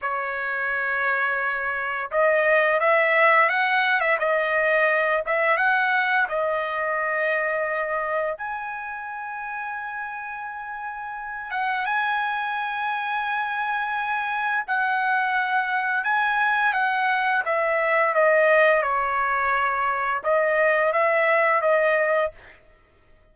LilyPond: \new Staff \with { instrumentName = "trumpet" } { \time 4/4 \tempo 4 = 86 cis''2. dis''4 | e''4 fis''8. e''16 dis''4. e''8 | fis''4 dis''2. | gis''1~ |
gis''8 fis''8 gis''2.~ | gis''4 fis''2 gis''4 | fis''4 e''4 dis''4 cis''4~ | cis''4 dis''4 e''4 dis''4 | }